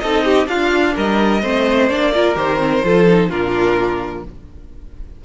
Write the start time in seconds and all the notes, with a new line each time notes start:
0.00 C4 D#4 A4 D#5
0.25 G4
0.46 D4 F4 F5
0.95 G3 A#4 D#5
1.42 A3 C4 C5
1.89 A#3 D4 D5
2.14 F4 A#4
2.35 D#3 G4 C5
2.58 C4
2.83 F3 F4 A4
3.08 D#4
3.30 A#2 D4 F4 A#4